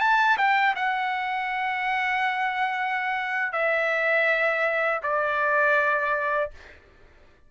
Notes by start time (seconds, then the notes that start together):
0.00 A5
0.37 G5
0.75 F#5
3.52 E5
5.02 D5